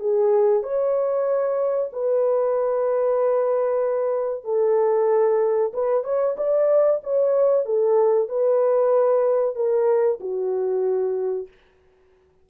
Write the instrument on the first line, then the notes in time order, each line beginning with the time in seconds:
horn
0.00 G#4
0.63 C#5
1.93 B4
4.45 A4
5.74 B4
6.04 C#5
6.38 D5
7.04 C#5
7.66 A4
8.29 B4
9.56 A#4
10.20 F#4